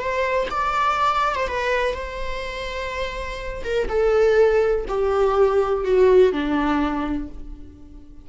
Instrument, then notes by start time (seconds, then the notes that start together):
viola
0.00 C5
0.51 D5
1.36 C5
1.48 B4
1.94 C5
3.64 A#4
3.89 A4
4.88 G4
5.85 F#4
6.33 D4